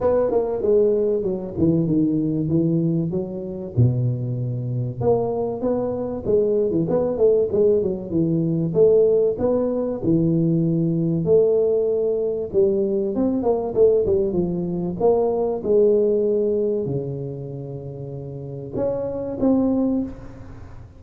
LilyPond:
\new Staff \with { instrumentName = "tuba" } { \time 4/4 \tempo 4 = 96 b8 ais8 gis4 fis8 e8 dis4 | e4 fis4 b,2 | ais4 b4 gis8. e16 b8 a8 | gis8 fis8 e4 a4 b4 |
e2 a2 | g4 c'8 ais8 a8 g8 f4 | ais4 gis2 cis4~ | cis2 cis'4 c'4 | }